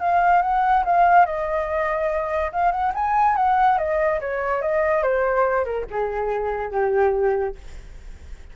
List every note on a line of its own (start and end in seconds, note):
0.00 0.42 F5
0.42 0.84 F#5
0.85 1.26 F5
1.26 2.52 D#5
2.52 2.71 F5
2.71 2.92 F#5
2.95 3.36 G#5
3.36 3.78 F#5
3.78 4.20 D#5
4.20 4.62 C#5
4.62 5.03 D#5
5.03 5.65 C5
5.65 5.86 A#4
5.90 6.71 G#4
6.71 7.55 G4